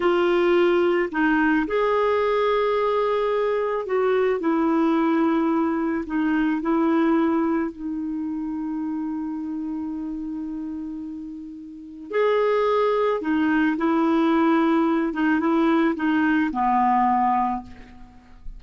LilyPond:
\new Staff \with { instrumentName = "clarinet" } { \time 4/4 \tempo 4 = 109 f'2 dis'4 gis'4~ | gis'2. fis'4 | e'2. dis'4 | e'2 dis'2~ |
dis'1~ | dis'2 gis'2 | dis'4 e'2~ e'8 dis'8 | e'4 dis'4 b2 | }